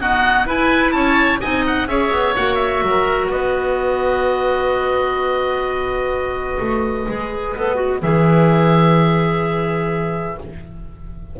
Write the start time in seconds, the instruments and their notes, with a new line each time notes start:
0.00 clarinet B3, double bass D#4, oboe F#4 F#5
0.46 clarinet E4, double bass E4, oboe B4 G#5
0.91 double bass C#4, oboe C#5 A5
1.40 double bass C4, clarinet D#4, oboe D#5 G#5
1.67 oboe F#5
1.86 double bass C#4, clarinet G#4, oboe C#5 E5
2.11 double bass B3
2.36 double bass A#3, clarinet F#4, oboe F#5
2.55 oboe E5
2.82 double bass F#3, oboe A#4
3.28 double bass B3, oboe B4 D#5
6.60 double bass A3
7.08 double bass G#3, clarinet G#4
7.56 double bass B3, clarinet A4
7.75 clarinet F#4
8.02 double bass E3, clarinet G#4, oboe E5